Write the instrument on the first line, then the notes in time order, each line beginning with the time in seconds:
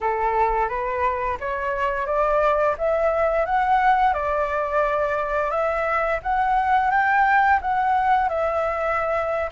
flute
0.00 A4
0.68 B4
1.40 C#5
2.06 D5
2.78 E5
3.45 F#5
4.13 D5
5.50 E5
6.22 F#5
6.90 G5
7.61 F#5
8.29 E5